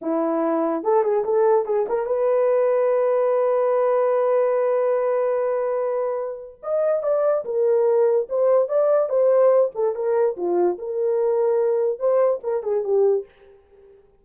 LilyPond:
\new Staff \with { instrumentName = "horn" } { \time 4/4 \tempo 4 = 145 e'2 a'8 gis'8 a'4 | gis'8 ais'8 b'2.~ | b'1~ | b'1 |
dis''4 d''4 ais'2 | c''4 d''4 c''4. a'8 | ais'4 f'4 ais'2~ | ais'4 c''4 ais'8 gis'8 g'4 | }